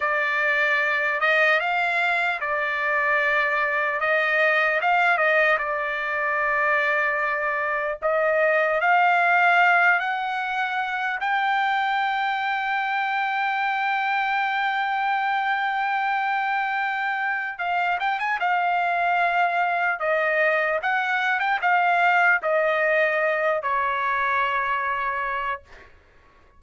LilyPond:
\new Staff \with { instrumentName = "trumpet" } { \time 4/4 \tempo 4 = 75 d''4. dis''8 f''4 d''4~ | d''4 dis''4 f''8 dis''8 d''4~ | d''2 dis''4 f''4~ | f''8 fis''4. g''2~ |
g''1~ | g''2 f''8 g''16 gis''16 f''4~ | f''4 dis''4 fis''8. g''16 f''4 | dis''4. cis''2~ cis''8 | }